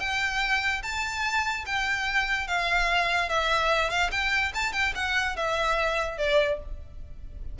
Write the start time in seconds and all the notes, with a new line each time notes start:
0.00 G5
0.83 A5
1.66 G5
2.47 F5
3.29 E5
3.90 F5
4.11 G5
4.54 A5
4.73 G5
4.95 F#5
5.36 E5
6.18 D5